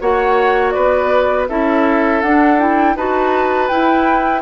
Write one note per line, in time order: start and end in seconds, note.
0.00 0.75 A#3
0.00 1.48 F#4
0.00 0.74 C#5
0.00 0.71 F#5
0.71 1.49 B3
0.71 1.48 B4
0.71 1.45 D5
1.48 2.22 C#4
1.48 2.23 E4
1.48 2.96 A4
1.48 2.22 E5
2.22 2.96 D4
2.22 2.58 D4
2.22 2.59 F#5
2.58 2.96 E4
2.58 2.96 G5
2.96 3.70 D#4
2.96 3.69 F#4
2.96 4.42 B4
2.96 3.68 A5
3.68 4.42 E4
3.68 4.42 G5